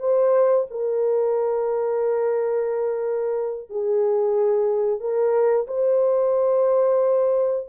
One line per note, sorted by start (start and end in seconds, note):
0.00 0.67 C5
0.71 3.70 A#4
3.70 5.00 G#4
5.00 5.67 A#4
5.67 7.67 C5